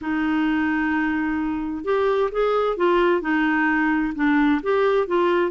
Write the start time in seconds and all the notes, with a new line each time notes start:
0.01 D#4
1.84 G4
2.31 G#4
2.76 F4
3.21 D#4
4.15 D4
4.62 G4
5.07 F4